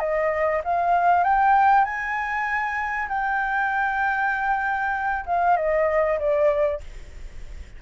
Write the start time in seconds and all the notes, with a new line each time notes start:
0.00 D#5
0.65 F5
1.24 G5
1.85 G#5
3.09 G5
5.26 F5
5.57 D#5
6.19 D5